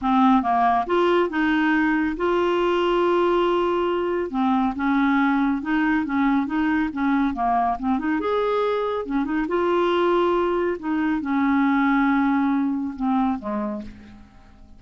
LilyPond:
\new Staff \with { instrumentName = "clarinet" } { \time 4/4 \tempo 4 = 139 c'4 ais4 f'4 dis'4~ | dis'4 f'2.~ | f'2 c'4 cis'4~ | cis'4 dis'4 cis'4 dis'4 |
cis'4 ais4 c'8 dis'8 gis'4~ | gis'4 cis'8 dis'8 f'2~ | f'4 dis'4 cis'2~ | cis'2 c'4 gis4 | }